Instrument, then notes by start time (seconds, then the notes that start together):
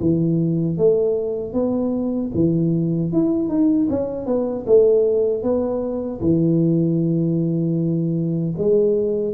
tuba
0.00 E3
0.77 A3
1.53 B3
2.34 E3
3.12 E4
3.49 D#4
3.90 C#4
4.26 B3
4.66 A3
5.42 B3
6.20 E3
8.57 G#3